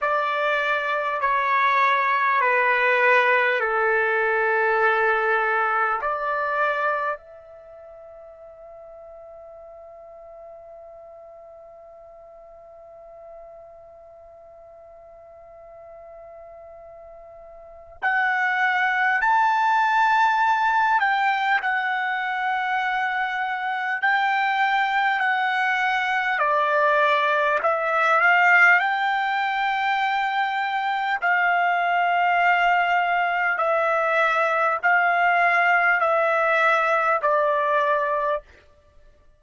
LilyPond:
\new Staff \with { instrumentName = "trumpet" } { \time 4/4 \tempo 4 = 50 d''4 cis''4 b'4 a'4~ | a'4 d''4 e''2~ | e''1~ | e''2. fis''4 |
a''4. g''8 fis''2 | g''4 fis''4 d''4 e''8 f''8 | g''2 f''2 | e''4 f''4 e''4 d''4 | }